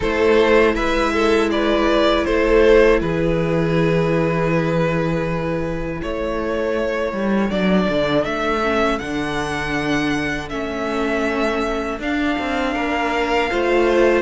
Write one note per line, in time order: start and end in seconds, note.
0.00 0.75 A3
0.00 7.49 E4
0.00 0.72 A4
0.00 0.75 C5
0.75 2.25 G#3
0.75 1.12 B4
0.75 1.50 E5
1.13 1.50 A4
1.50 2.26 B4
1.50 2.24 D5
2.24 3.01 A3
2.24 3.00 A4
2.24 2.99 C5
3.00 6.01 E3
3.00 5.99 G#4
3.00 6.01 B4
5.99 7.12 A3
5.99 12.74 A4
5.99 7.50 C#5
7.12 7.50 G3
7.49 7.87 F#3
7.49 8.61 D4
7.49 8.25 D5
7.88 8.24 D3
8.24 8.99 A3
8.24 8.99 E5
8.63 9.00 C#4
8.99 10.51 D3
8.99 10.50 D4
8.99 10.49 F#5
10.49 11.99 A3
10.49 12.00 C#4
10.49 11.99 E5
11.99 12.36 D4
11.99 13.50 D4
11.99 14.22 F5
12.39 12.75 C4
12.74 13.50 A#3
12.74 13.49 A#4
13.50 14.22 A3
13.50 14.22 F4
13.50 14.22 C5